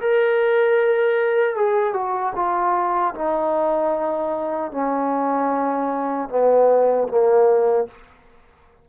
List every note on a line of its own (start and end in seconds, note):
0.00 1.55 A#4
1.55 1.93 G#4
1.93 2.33 F#4
2.35 3.14 F4
3.14 4.71 D#4
4.71 6.28 C#4
6.28 7.07 B3
7.08 7.87 A#3